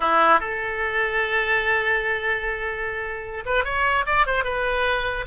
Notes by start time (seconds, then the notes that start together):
0.00 E4
0.39 A4
3.45 B4
3.64 C#5
4.06 D5
4.26 C5
4.44 B4